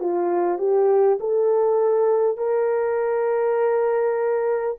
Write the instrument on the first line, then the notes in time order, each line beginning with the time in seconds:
horn
0.00 F4
0.58 G4
1.20 A4
2.37 A#4